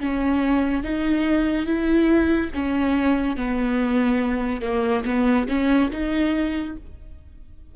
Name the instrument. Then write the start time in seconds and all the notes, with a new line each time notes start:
viola
0.00 C#4
0.83 D#4
1.66 E4
2.54 C#4
3.36 B3
4.62 A#3
5.05 B3
5.49 C#4
5.92 D#4